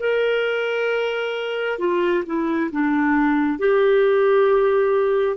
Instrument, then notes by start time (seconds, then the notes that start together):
clarinet
0.00 A#4
1.79 F4
2.26 E4
2.72 D4
3.59 G4